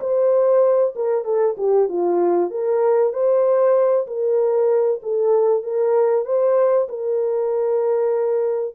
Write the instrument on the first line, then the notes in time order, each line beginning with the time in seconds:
horn
0.00 C5
0.95 A#4
1.24 A4
1.57 G4
1.88 F4
2.50 A#4
3.13 C5
4.07 A#4
5.02 A4
5.63 A#4
6.25 C5
6.88 A#4